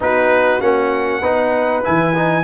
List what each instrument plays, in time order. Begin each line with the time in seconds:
0.00 tuba B3, trombone D#4, horn F#4, trumpet B4
0.60 tuba A#3, trombone C#4, trumpet F#5
1.20 tuba B3, trombone D#4, horn B4
1.83 tuba E3, trombone E4, trumpet G#5
2.15 trombone D#4